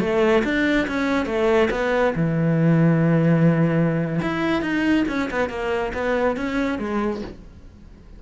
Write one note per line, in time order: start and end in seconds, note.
0.00 0.43 A3
0.44 0.88 D4
0.88 1.26 C#4
1.26 1.69 A3
1.71 2.14 B3
2.16 4.21 E3
4.22 4.62 E4
4.62 5.05 D#4
5.09 5.30 C#4
5.31 5.50 B3
5.50 5.93 A#3
5.94 6.37 B3
6.37 6.79 C#4
6.79 7.22 G#3